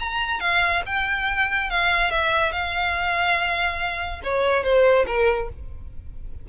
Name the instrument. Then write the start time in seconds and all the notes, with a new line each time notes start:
violin
0.00 A#5
0.40 F5
0.87 G5
1.71 F5
2.11 E5
2.52 F5
4.24 C#5
4.64 C5
5.07 A#4